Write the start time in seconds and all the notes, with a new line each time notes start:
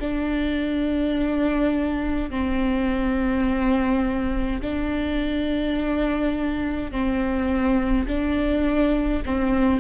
0.00 D4
2.30 C4
4.62 D4
6.91 C4
8.07 D4
9.26 C4